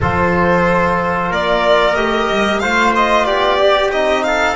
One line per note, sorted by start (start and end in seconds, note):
0.01 1.30 F3
0.01 1.95 F4
0.01 1.29 A4
0.01 1.32 C5
1.29 1.96 A#3
1.29 2.60 A#4
1.29 1.95 D5
1.95 2.28 A3
1.95 2.60 G4
1.95 2.59 D#5
2.30 2.62 G3
2.59 3.26 A3
2.59 3.59 F4
2.59 3.26 C5
2.59 2.92 F5
2.95 3.25 D#5
3.25 3.91 B3
3.25 4.24 G4
3.25 3.90 D5
3.59 3.92 G4
3.91 4.56 C4
3.91 4.56 D#4
3.91 4.23 D#5
4.23 4.56 A4
4.23 4.56 F5